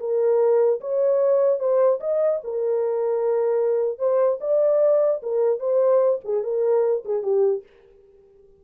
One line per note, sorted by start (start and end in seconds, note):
0.00 0.81 A#4
0.81 1.60 C#5
1.60 2.00 C5
2.01 2.41 D#5
2.44 3.99 A#4
3.99 4.39 C5
4.41 5.22 D5
5.23 5.60 A#4
5.60 6.20 C5
6.25 6.44 G#4
6.44 7.04 A#4
7.05 7.23 G#4
7.23 7.63 G4